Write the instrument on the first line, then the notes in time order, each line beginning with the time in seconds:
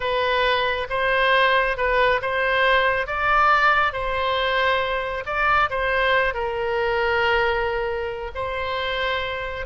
oboe
0.00 B4
0.89 C5
1.77 B4
2.21 C5
3.07 D5
3.92 C5
5.26 D5
5.70 C5
6.34 A#4
8.35 C5